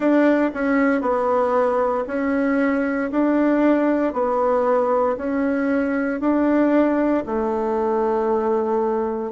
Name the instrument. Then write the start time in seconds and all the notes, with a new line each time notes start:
bassoon
0.00 D4
0.54 C#4
1.01 B3
2.07 C#4
3.11 D4
4.13 B3
5.17 C#4
6.20 D4
7.26 A3